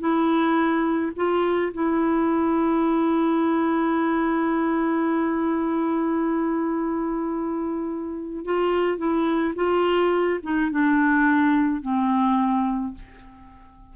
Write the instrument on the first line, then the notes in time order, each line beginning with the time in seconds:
clarinet
0.00 E4
1.16 F4
1.74 E4
8.45 F4
8.98 E4
9.56 F4
10.43 D#4
10.71 D4
11.82 C4